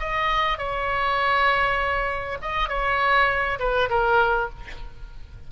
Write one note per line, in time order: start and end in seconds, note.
0.00 0.58 D#5
0.58 2.38 C#5
2.42 2.69 D#5
2.69 3.59 C#5
3.59 3.89 B4
3.90 4.50 A#4